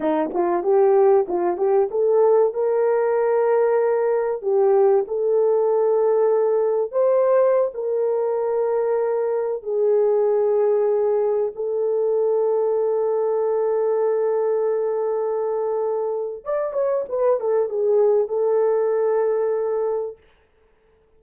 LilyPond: \new Staff \with { instrumentName = "horn" } { \time 4/4 \tempo 4 = 95 dis'8 f'8 g'4 f'8 g'8 a'4 | ais'2. g'4 | a'2. c''4~ | c''16 ais'2. gis'8.~ |
gis'2~ gis'16 a'4.~ a'16~ | a'1~ | a'2 d''8 cis''8 b'8 a'8 | gis'4 a'2. | }